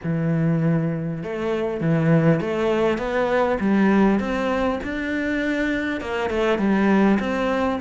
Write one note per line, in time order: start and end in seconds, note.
0.03 1.23 E3
1.23 1.80 A3
1.80 2.40 E3
2.40 2.98 A3
2.98 3.58 B3
3.60 4.19 G3
4.19 4.79 C4
4.83 6.01 D4
6.01 6.30 A#3
6.30 6.58 A3
6.58 7.18 G3
7.19 7.79 C4